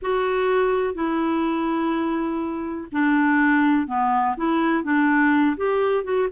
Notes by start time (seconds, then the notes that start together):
0.02 F#4
0.94 E4
2.91 D4
3.87 B3
4.36 E4
4.83 D4
5.56 G4
6.04 F#4